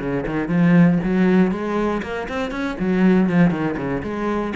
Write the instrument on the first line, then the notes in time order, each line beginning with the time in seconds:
cello
0.00 C#3
0.26 D#3
0.48 F3
1.03 F#3
1.51 G#3
2.03 A#3
2.29 C4
2.51 C#4
2.80 F#3
3.30 F3
3.51 D#3
3.77 C#3
4.03 G#3